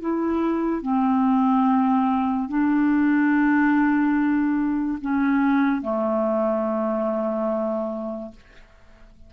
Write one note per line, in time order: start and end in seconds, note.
0.00 0.82 E4
0.82 2.48 C4
2.48 4.98 D4
5.01 5.81 C#4
5.81 8.31 A3